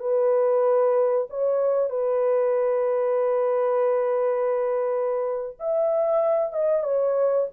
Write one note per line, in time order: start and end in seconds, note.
0.00 1.28 B4
1.30 1.90 C#5
1.90 5.57 B4
5.60 6.53 E5
6.53 6.84 D#5
6.84 7.48 C#5